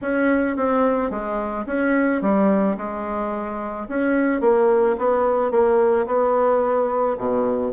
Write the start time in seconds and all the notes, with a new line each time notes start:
0.02 C#4
0.56 C4
1.10 G#3
1.66 C#4
2.21 G3
2.77 G#3
3.88 C#4
4.41 A#3
4.98 B3
5.51 A#3
6.06 B3
7.17 B2